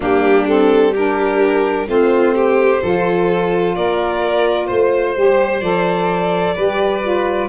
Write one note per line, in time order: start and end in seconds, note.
0.00 1.87 G3
0.00 0.47 A#3
0.00 0.92 D4
0.00 0.47 G4
0.47 0.94 C4
0.47 0.94 A4
0.92 1.87 D4
0.92 1.86 G4
0.92 1.89 A#4
1.87 2.81 A3
1.87 2.81 C4
1.87 2.35 F4
1.87 3.75 C5
2.35 2.81 G4
2.82 3.76 F3
2.82 5.15 F4
2.82 3.75 A4
3.75 4.70 A#3
3.75 4.66 A#4
3.75 4.67 D5
4.66 5.17 A3
4.66 6.54 C5
4.66 5.61 C5
5.15 5.61 G3
5.15 5.62 G4
5.61 6.55 F3
5.61 6.55 A4
5.61 7.48 D5
6.55 7.48 G3
6.55 7.02 G4
6.55 7.48 B4
7.02 7.48 F4